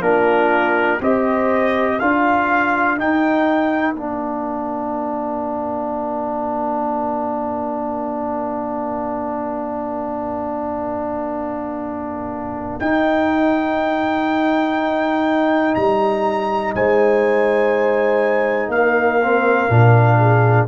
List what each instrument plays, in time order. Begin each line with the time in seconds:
0.00 tuba A#3, trombone D4, horn F4, trumpet A#4
1.01 tuba C4, trombone G4, horn C5, trumpet D#5
1.97 tuba D4, trombone F4, horn A#4, trumpet F5
2.97 trombone D#4, tuba D#4, trumpet G5
3.93 tuba A#3, trombone D4, trumpet F5
12.79 tuba D#4, trombone D#4, trumpet G5
15.74 tuba G3, trumpet A#5
16.74 tuba G#3, horn C5, trumpet G#5
18.68 tuba A#3, horn A#4, trumpet F5
19.23 trombone C4
19.68 tuba A#2, trombone D4
20.18 horn G#4